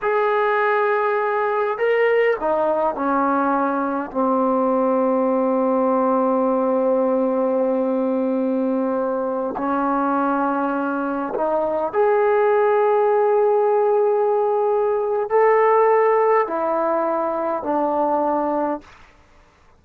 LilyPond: \new Staff \with { instrumentName = "trombone" } { \time 4/4 \tempo 4 = 102 gis'2. ais'4 | dis'4 cis'2 c'4~ | c'1~ | c'1~ |
c'16 cis'2. dis'8.~ | dis'16 gis'2.~ gis'8.~ | gis'2 a'2 | e'2 d'2 | }